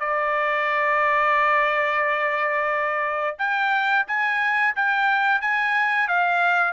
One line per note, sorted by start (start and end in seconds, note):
0.00 3.37 D5
3.39 4.06 G5
4.08 4.75 G#5
4.76 5.41 G5
5.41 6.08 G#5
6.08 6.74 F5